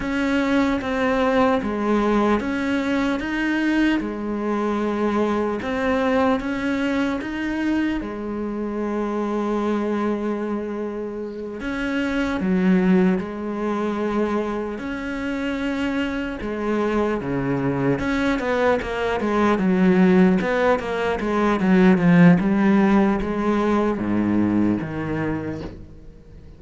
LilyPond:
\new Staff \with { instrumentName = "cello" } { \time 4/4 \tempo 4 = 75 cis'4 c'4 gis4 cis'4 | dis'4 gis2 c'4 | cis'4 dis'4 gis2~ | gis2~ gis8 cis'4 fis8~ |
fis8 gis2 cis'4.~ | cis'8 gis4 cis4 cis'8 b8 ais8 | gis8 fis4 b8 ais8 gis8 fis8 f8 | g4 gis4 gis,4 dis4 | }